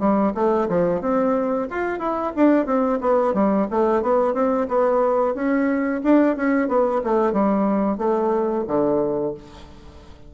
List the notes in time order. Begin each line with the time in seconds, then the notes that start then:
0.00 G3
0.35 A3
0.69 F3
1.02 C4
1.71 F4
2.00 E4
2.36 D4
2.66 C4
3.02 B3
3.34 G3
3.71 A3
4.03 B3
4.34 C4
4.69 B3
5.35 C#4
6.04 D4
6.37 C#4
6.68 B3
7.04 A3
7.33 G3
7.98 A3
8.68 D3